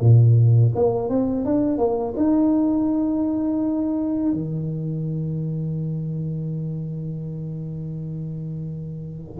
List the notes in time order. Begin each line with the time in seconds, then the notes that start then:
0.00 A#2
0.75 A#3
1.08 C4
1.45 D4
1.77 A#3
2.16 D#4
4.32 D#3